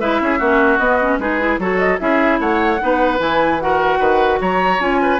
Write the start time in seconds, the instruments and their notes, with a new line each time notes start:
0.00 bassoon G#3, clarinet E4, oboe B4, flute E5
0.21 bassoon C#4, oboe G#4
0.38 bassoon A#3, clarinet C#4, oboe F#4
0.78 bassoon B3, clarinet B3, flute D#5
1.00 clarinet C#4
1.18 bassoon G#3, clarinet D#4, oboe G#4, flute B4
1.40 clarinet E4
1.59 bassoon F#3, clarinet F#4, oboe A4, flute C#5
1.79 flute D#5
1.99 bassoon C#4, clarinet E4, oboe G#4, flute E5
2.40 bassoon A3, oboe C#5, flute F#5
2.81 bassoon B3, clarinet D#4, oboe B4
3.18 bassoon E3, clarinet E4, flute G#5
3.60 clarinet F#4, oboe A#4, flute F#5
3.99 bassoon D#3, oboe B4
4.41 bassoon F#3, oboe C#5, flute A#5
4.79 bassoon C#4, clarinet F4, flute G#5
5.02 oboe B4